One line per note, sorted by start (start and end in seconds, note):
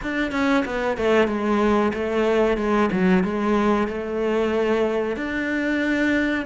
0.02 0.31 D4
0.31 0.64 C#4
0.65 0.97 B3
0.97 1.27 A3
1.27 1.92 G#3
1.93 2.57 A3
2.57 2.89 G#3
2.91 3.23 F#3
3.23 3.87 G#3
3.87 5.16 A3
5.16 6.45 D4